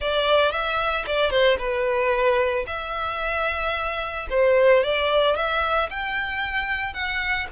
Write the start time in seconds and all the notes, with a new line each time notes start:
0.00 D5
0.51 E5
1.06 D5
1.30 C5
1.58 B4
2.66 E5
4.30 C5
4.83 D5
5.35 E5
5.90 G5
6.93 F#5